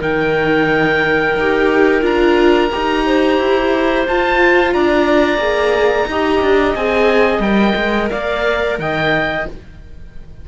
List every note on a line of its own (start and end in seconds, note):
0.00 1.36 D#3
0.00 1.36 D#4
0.00 3.03 A#4
0.00 2.05 G5
1.36 2.03 D#4
1.36 2.01 G4
2.01 2.70 D4
2.01 2.69 F4
2.01 4.07 A#5
2.72 3.38 D#4
2.72 4.07 G4
3.06 4.74 C5
3.38 4.06 E4
4.08 4.75 F4
4.08 5.39 F4
4.08 4.74 A5
4.74 5.38 D4
4.74 6.09 D5
4.74 6.76 A#5
5.38 6.05 A#3
5.38 6.06 G#4
6.07 6.41 D#4
6.07 6.77 G4
6.07 8.11 D#5
6.41 6.75 D4
6.76 7.39 C4
6.76 7.42 G#4
6.76 7.42 G#5
7.39 7.73 G3
7.39 9.44 A#4
7.39 8.09 G5
7.76 8.10 G#3
8.11 8.79 A#3
8.11 8.79 D5
8.11 8.78 F5
8.79 9.46 D#3
8.79 9.48 D#5
8.79 9.47 G5